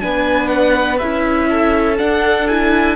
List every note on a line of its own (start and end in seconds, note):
0.00 1.01 B3
0.00 0.99 D4
0.00 1.49 B4
0.00 0.48 G#5
0.48 0.97 F#5
0.99 2.00 C#4
0.99 1.97 E4
0.99 1.97 E5
1.49 2.96 A4
1.97 2.46 D4
1.97 2.96 D4
1.97 2.48 F#5
2.48 2.96 E4
2.48 2.96 G#5